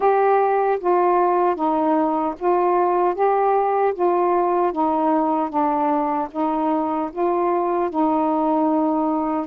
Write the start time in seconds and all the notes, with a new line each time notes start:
0.00 G4
0.80 F4
1.55 D#4
2.39 F4
3.14 G4
3.94 F4
4.72 D#4
5.49 D4
6.31 D#4
7.12 F4
7.89 D#4